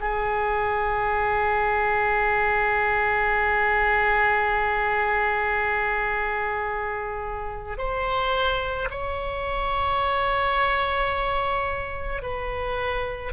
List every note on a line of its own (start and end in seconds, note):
0.00 7.77 G#4
7.77 8.88 C5
8.90 12.22 C#5
12.22 13.32 B4